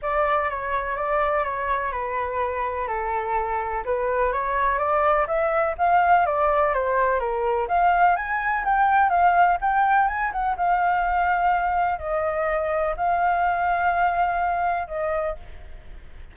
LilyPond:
\new Staff \with { instrumentName = "flute" } { \time 4/4 \tempo 4 = 125 d''4 cis''4 d''4 cis''4 | b'2 a'2 | b'4 cis''4 d''4 e''4 | f''4 d''4 c''4 ais'4 |
f''4 gis''4 g''4 f''4 | g''4 gis''8 fis''8 f''2~ | f''4 dis''2 f''4~ | f''2. dis''4 | }